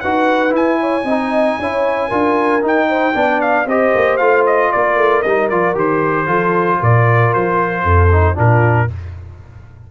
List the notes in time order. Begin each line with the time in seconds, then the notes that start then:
0.00 D#4 F#4 B4 F#5
0.49 E4 G#5
0.80 C#5
1.03 C4 D#4 D#5
1.58 C#4 E4 C#5
2.08 D4 F4 A#4
2.61 D#4 G5
2.88 C5
3.13 B3 D4 D5
3.41 F5
3.65 C4 G4 C5 D#5
3.94 A#3
4.17 A3 F4 F5
4.46 D#5
4.72 A#3 A#4 D5
4.97 A3
5.22 G3 D#4 D#5
5.49 F3 F4 D5
5.74 D#3 G4 C5
6.26 F3 F4 A4
6.79 A#2 A#4 D5
7.33 F3 C5
7.82 F2 A4
8.11 D#4
8.35 A#2 D4 F4 A#4